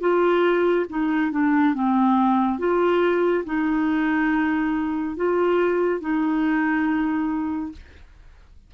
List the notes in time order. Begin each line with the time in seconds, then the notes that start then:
0.00 F4
0.89 D#4
1.32 D4
1.74 C4
2.59 F4
3.45 D#4
5.16 F4
6.00 D#4